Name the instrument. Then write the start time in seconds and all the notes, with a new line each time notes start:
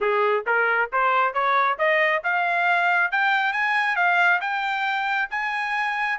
trumpet
0.01 G#4
0.46 A#4
0.92 C5
1.33 C#5
1.78 D#5
2.23 F5
3.11 G5
3.52 G#5
3.95 F5
4.41 G5
5.30 G#5